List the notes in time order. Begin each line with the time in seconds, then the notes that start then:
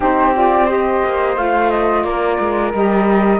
0.00 C4 D#4 G4 C5
0.34 F4 D5
0.66 G4 C5 D#5
1.04 A#3
1.35 A3 F4 F5
1.70 D#5
2.03 A#3 A#4 D5
2.39 G#3
2.73 G3 G4 D#5